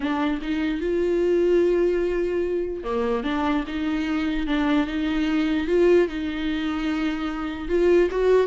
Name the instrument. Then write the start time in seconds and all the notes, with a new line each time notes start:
viola
0.00 D4
0.41 D#4
0.81 F4
2.83 A#3
3.23 D4
3.67 D#4
4.46 D4
4.86 D#4
5.67 F4
6.08 D#4
7.68 F4
8.10 F#4